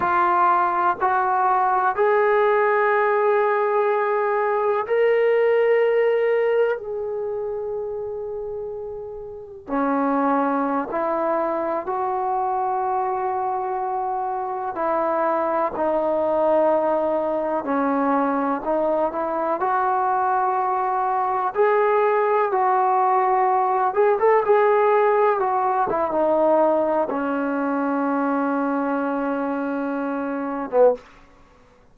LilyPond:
\new Staff \with { instrumentName = "trombone" } { \time 4/4 \tempo 4 = 62 f'4 fis'4 gis'2~ | gis'4 ais'2 gis'4~ | gis'2 cis'4~ cis'16 e'8.~ | e'16 fis'2. e'8.~ |
e'16 dis'2 cis'4 dis'8 e'16~ | e'16 fis'2 gis'4 fis'8.~ | fis'8. gis'16 a'16 gis'4 fis'8 e'16 dis'4 | cis'2.~ cis'8. b16 | }